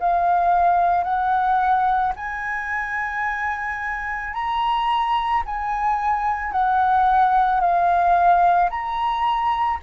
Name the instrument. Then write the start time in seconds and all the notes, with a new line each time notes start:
flute
0.00 F5
1.04 F#5
2.16 G#5
4.34 A#5
5.46 G#5
6.53 F#5
7.61 F5
8.70 A#5